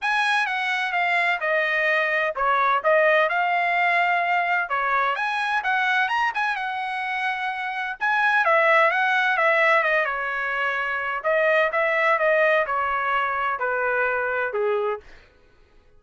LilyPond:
\new Staff \with { instrumentName = "trumpet" } { \time 4/4 \tempo 4 = 128 gis''4 fis''4 f''4 dis''4~ | dis''4 cis''4 dis''4 f''4~ | f''2 cis''4 gis''4 | fis''4 ais''8 gis''8 fis''2~ |
fis''4 gis''4 e''4 fis''4 | e''4 dis''8 cis''2~ cis''8 | dis''4 e''4 dis''4 cis''4~ | cis''4 b'2 gis'4 | }